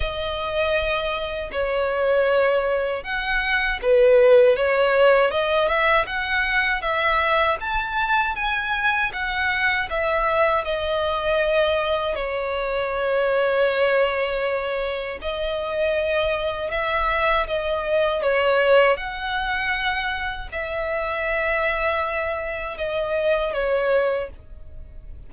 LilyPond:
\new Staff \with { instrumentName = "violin" } { \time 4/4 \tempo 4 = 79 dis''2 cis''2 | fis''4 b'4 cis''4 dis''8 e''8 | fis''4 e''4 a''4 gis''4 | fis''4 e''4 dis''2 |
cis''1 | dis''2 e''4 dis''4 | cis''4 fis''2 e''4~ | e''2 dis''4 cis''4 | }